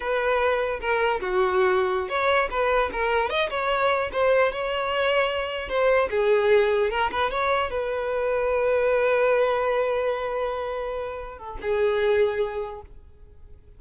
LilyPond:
\new Staff \with { instrumentName = "violin" } { \time 4/4 \tempo 4 = 150 b'2 ais'4 fis'4~ | fis'4~ fis'16 cis''4 b'4 ais'8.~ | ais'16 dis''8 cis''4. c''4 cis''8.~ | cis''2~ cis''16 c''4 gis'8.~ |
gis'4~ gis'16 ais'8 b'8 cis''4 b'8.~ | b'1~ | b'1~ | b'8 a'8 gis'2. | }